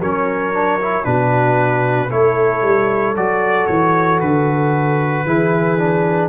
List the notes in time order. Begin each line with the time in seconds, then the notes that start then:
0.00 F#3 C#4 A#4 C#5
0.54 D4
0.81 E4
1.04 B2 D4 F#4 B4
2.11 A3 E4 A4 C#5
2.62 G3
3.15 F#3 F#4 D5
3.67 E3 C#5
4.21 D3 B4
5.26 E3 E4 G#4
5.78 D4